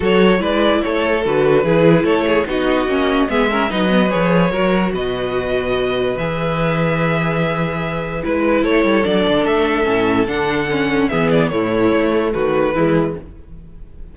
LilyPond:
<<
  \new Staff \with { instrumentName = "violin" } { \time 4/4 \tempo 4 = 146 cis''4 d''4 cis''4 b'4~ | b'4 cis''4 dis''2 | e''4 dis''4 cis''2 | dis''2. e''4~ |
e''1 | b'4 cis''4 d''4 e''4~ | e''4 fis''2 e''8 d''8 | cis''2 b'2 | }
  \new Staff \with { instrumentName = "violin" } { \time 4/4 a'4 b'4 a'2 | gis'4 a'8 gis'8 fis'2 | gis'8 ais'8 b'2 ais'4 | b'1~ |
b'1~ | b'4 a'2.~ | a'2. gis'4 | e'2 fis'4 e'4 | }
  \new Staff \with { instrumentName = "viola" } { \time 4/4 fis'4 e'2 fis'4 | e'2 dis'4 cis'4 | b8 cis'8 dis'8 b8 gis'4 fis'4~ | fis'2. gis'4~ |
gis'1 | e'2 d'2 | cis'4 d'4 cis'4 b4 | a2. gis4 | }
  \new Staff \with { instrumentName = "cello" } { \time 4/4 fis4 gis4 a4 d4 | e4 a4 b4 ais4 | gis4 fis4 f4 fis4 | b,2. e4~ |
e1 | gis4 a8 g8 fis8 d8 a4 | a,4 d2 e4 | a,4 a4 dis4 e4 | }
>>